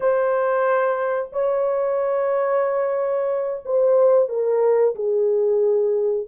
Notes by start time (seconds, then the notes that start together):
0.00 C5
1.32 C#5
3.65 C5
4.28 A#4
4.95 G#4